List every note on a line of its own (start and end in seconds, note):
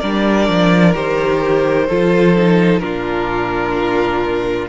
0.00 0.49 G3
0.00 0.94 D4
0.00 1.88 A#4
0.00 0.94 D5
0.49 0.96 F3
0.94 1.90 D#3
0.94 1.88 G4
0.94 2.79 C5
1.88 2.82 F3
1.88 2.36 F4
1.88 2.82 A4
2.36 2.82 D#4
2.79 4.69 A#2
2.79 4.69 D4
2.79 4.69 F4
2.79 4.67 A#4